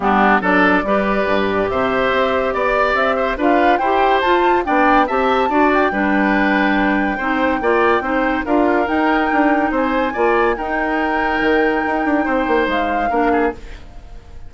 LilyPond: <<
  \new Staff \with { instrumentName = "flute" } { \time 4/4 \tempo 4 = 142 g'4 d''2. | e''2 d''4 e''4 | f''4 g''4 a''4 g''4 | a''4. g''2~ g''8~ |
g''1 | f''4 g''2 gis''4~ | gis''4 g''2.~ | g''2 f''2 | }
  \new Staff \with { instrumentName = "oboe" } { \time 4/4 d'4 a'4 b'2 | c''2 d''4. c''8 | b'4 c''2 d''4 | e''4 d''4 b'2~ |
b'4 c''4 d''4 c''4 | ais'2. c''4 | d''4 ais'2.~ | ais'4 c''2 ais'8 gis'8 | }
  \new Staff \with { instrumentName = "clarinet" } { \time 4/4 b4 d'4 g'2~ | g'1 | f'4 g'4 f'4 d'4 | g'4 fis'4 d'2~ |
d'4 dis'4 f'4 dis'4 | f'4 dis'2. | f'4 dis'2.~ | dis'2. d'4 | }
  \new Staff \with { instrumentName = "bassoon" } { \time 4/4 g4 fis4 g4 g,4 | c4 c'4 b4 c'4 | d'4 e'4 f'4 b4 | c'4 d'4 g2~ |
g4 c'4 ais4 c'4 | d'4 dis'4 d'4 c'4 | ais4 dis'2 dis4 | dis'8 d'8 c'8 ais8 gis4 ais4 | }
>>